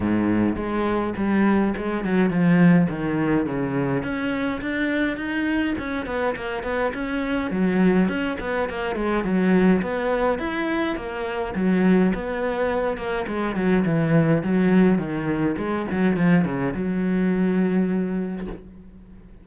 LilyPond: \new Staff \with { instrumentName = "cello" } { \time 4/4 \tempo 4 = 104 gis,4 gis4 g4 gis8 fis8 | f4 dis4 cis4 cis'4 | d'4 dis'4 cis'8 b8 ais8 b8 | cis'4 fis4 cis'8 b8 ais8 gis8 |
fis4 b4 e'4 ais4 | fis4 b4. ais8 gis8 fis8 | e4 fis4 dis4 gis8 fis8 | f8 cis8 fis2. | }